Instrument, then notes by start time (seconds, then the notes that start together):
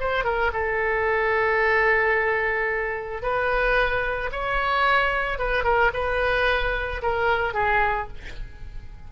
oboe
0.00 C5
0.25 A#4
0.53 A4
3.22 B4
4.32 C#5
5.39 B4
5.64 A#4
5.94 B4
7.02 A#4
7.54 G#4